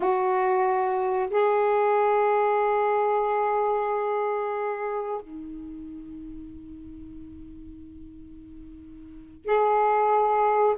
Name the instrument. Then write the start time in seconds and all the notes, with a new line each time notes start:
saxophone
0.00 F#4
1.30 G#4
5.21 D#4
9.45 G#4